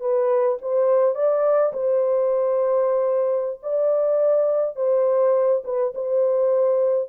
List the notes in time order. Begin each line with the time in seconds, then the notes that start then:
0.00 B4
0.62 C5
1.15 D5
1.73 C5
3.62 D5
4.76 C5
5.64 B4
5.94 C5